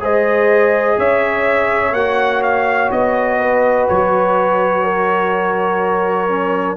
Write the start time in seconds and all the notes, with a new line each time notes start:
0.00 G#3 G#4 C5 D#5
0.98 C#4 C#5 E5
1.93 A#3 F#4 F#5
2.43 F5
2.92 B3 D#5
3.39 B4
3.88 F#3 C#5
4.84 A#4
6.29 C#4